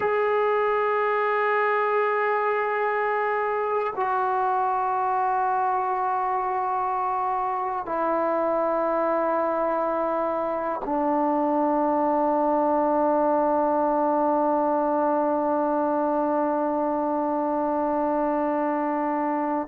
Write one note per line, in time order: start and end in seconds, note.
0.00 3.93 G#4
3.96 7.85 F#4
7.85 10.80 E4
10.85 19.67 D4